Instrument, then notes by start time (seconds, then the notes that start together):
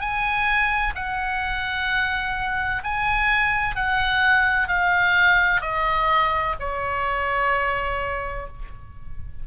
oboe
0.00 G#5
0.95 F#5
2.84 G#5
3.76 F#5
4.68 F5
5.62 D#5
6.60 C#5